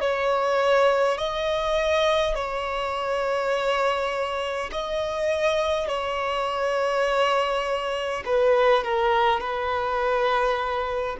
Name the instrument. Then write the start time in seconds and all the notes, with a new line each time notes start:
violin
0.00 C#5
1.18 D#5
2.35 C#5
4.72 D#5
5.88 C#5
8.25 B4
8.83 A#4
9.40 B4